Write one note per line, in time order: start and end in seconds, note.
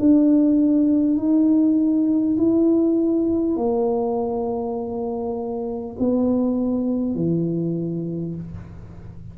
0.00 1.18 D4
1.18 2.38 D#4
2.38 3.57 E4
3.57 5.97 A#3
5.99 7.15 B3
7.15 8.35 E3